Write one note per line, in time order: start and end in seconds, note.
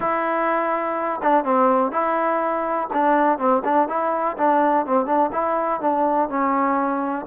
0.00 1.20 E4
1.22 1.44 D4
1.44 1.91 C4
1.91 2.88 E4
2.93 3.38 D4
3.38 3.62 C4
3.64 3.88 D4
3.88 4.36 E4
4.37 4.85 D4
4.85 5.06 C4
5.06 5.30 D4
5.32 5.80 E4
5.81 6.29 D4
6.29 7.26 C#4